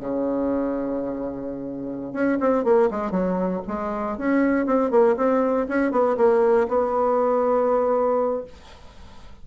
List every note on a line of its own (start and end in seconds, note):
0.00 2.13 C#3
2.13 2.38 C#4
2.40 2.64 C4
2.64 2.89 A#3
2.90 3.11 G#3
3.11 3.61 F#3
3.67 4.18 G#3
4.18 4.66 C#4
4.66 4.90 C4
4.90 5.16 A#3
5.17 5.67 C4
5.68 5.91 C#4
5.91 6.17 B3
6.17 6.67 A#3
6.68 8.45 B3